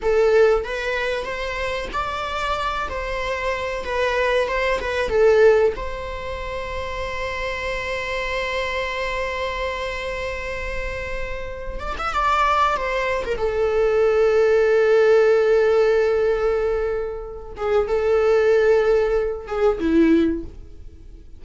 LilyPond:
\new Staff \with { instrumentName = "viola" } { \time 4/4 \tempo 4 = 94 a'4 b'4 c''4 d''4~ | d''8 c''4. b'4 c''8 b'8 | a'4 c''2.~ | c''1~ |
c''2~ c''8 d''16 e''16 d''4 | c''8. ais'16 a'2.~ | a'2.~ a'8 gis'8 | a'2~ a'8 gis'8 e'4 | }